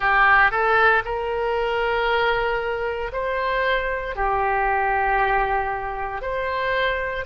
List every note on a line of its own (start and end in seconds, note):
0.00 0.51 G4
0.51 1.03 A4
1.04 3.11 A#4
3.12 4.15 C5
4.15 6.21 G4
6.21 7.25 C5